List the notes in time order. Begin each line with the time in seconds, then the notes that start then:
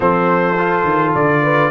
0.00 F3 C4 A4 C5
0.58 F4
0.83 D#3
1.15 D3 D5
1.42 B4